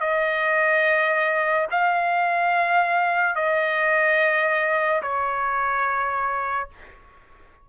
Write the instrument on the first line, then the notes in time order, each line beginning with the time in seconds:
trumpet
0.00 D#5
1.71 F5
3.35 D#5
5.02 C#5